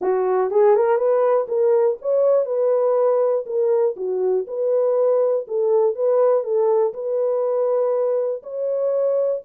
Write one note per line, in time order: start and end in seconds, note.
0.01 0.50 F#4
0.50 0.75 G#4
0.75 0.97 A#4
0.97 1.46 B4
1.47 1.97 A#4
2.01 2.45 C#5
2.45 3.45 B4
3.46 3.95 A#4
3.96 4.46 F#4
4.47 5.46 B4
5.47 5.95 A4
5.95 6.43 B4
6.43 6.93 A4
6.93 8.42 B4
8.43 9.42 C#5